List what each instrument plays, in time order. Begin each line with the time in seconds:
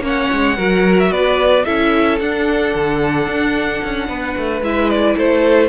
0.00 cello A#3, viola C#4, violin C#5
0.06 violin F#5
0.32 cello G#3
0.56 cello F#3, viola F#4, violin A#4
0.99 violin E5
1.10 cello B3, violin B4 D5
1.64 cello C#4, viola E4, violin A4 E5
2.19 cello D4, viola D4, violin F#5
2.74 cello D3
3.27 cello D4
3.83 cello C#4
4.08 cello B3, violin B4
4.37 cello A3
4.61 cello G#3, viola E4, violin E5
4.89 violin D5
5.16 cello A3, violin A4 C5